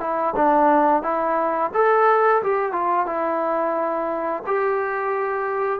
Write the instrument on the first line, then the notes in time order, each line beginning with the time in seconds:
trombone
0.00 E4
0.36 D4
1.03 E4
1.74 A4
2.43 G4
2.72 F4
3.06 E4
4.47 G4